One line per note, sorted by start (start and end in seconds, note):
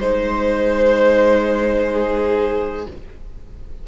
0.00 2.87 G#3
0.00 2.86 D#4
0.00 2.86 C5
0.00 1.92 C5
1.92 2.87 G#4